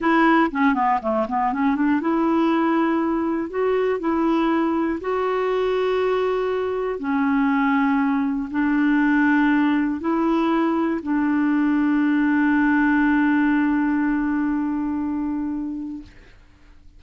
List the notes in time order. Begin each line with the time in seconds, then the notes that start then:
0.00 E4
0.51 C#4
0.74 B3
1.02 A3
1.28 B3
1.52 C#4
1.75 D4
2.00 E4
3.50 F#4
3.99 E4
5.00 F#4
6.99 C#4
8.50 D4
10.00 E4
11.02 D4